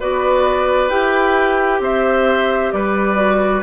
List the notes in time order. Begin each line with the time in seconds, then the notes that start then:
0.00 B3 F#4 B4 D5
0.90 E4 G4 G5
1.80 C4 C5 E5
2.72 G3 B4 D5
3.16 F#4